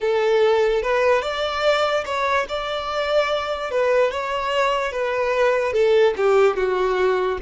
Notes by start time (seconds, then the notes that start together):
0.00 A4
0.82 B4
1.22 D5
2.05 C#5
2.48 D5
3.70 B4
4.11 C#5
4.92 B4
5.72 A4
6.16 G4
6.56 F#4